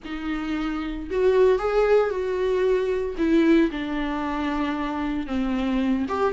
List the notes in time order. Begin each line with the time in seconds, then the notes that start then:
0.04 D#4
1.10 F#4
1.58 G#4
2.10 F#4
3.17 E4
3.71 D4
5.27 C4
6.08 G4